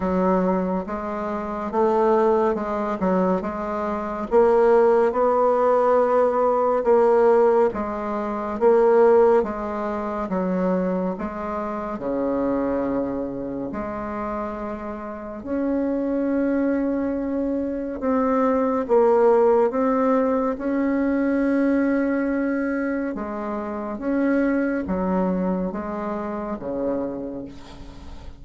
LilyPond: \new Staff \with { instrumentName = "bassoon" } { \time 4/4 \tempo 4 = 70 fis4 gis4 a4 gis8 fis8 | gis4 ais4 b2 | ais4 gis4 ais4 gis4 | fis4 gis4 cis2 |
gis2 cis'2~ | cis'4 c'4 ais4 c'4 | cis'2. gis4 | cis'4 fis4 gis4 cis4 | }